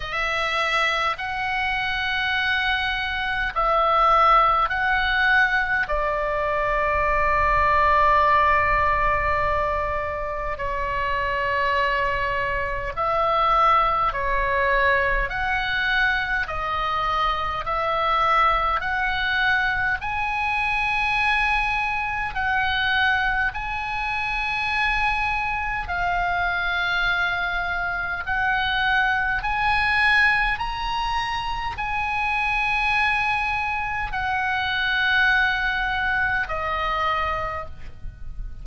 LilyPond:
\new Staff \with { instrumentName = "oboe" } { \time 4/4 \tempo 4 = 51 e''4 fis''2 e''4 | fis''4 d''2.~ | d''4 cis''2 e''4 | cis''4 fis''4 dis''4 e''4 |
fis''4 gis''2 fis''4 | gis''2 f''2 | fis''4 gis''4 ais''4 gis''4~ | gis''4 fis''2 dis''4 | }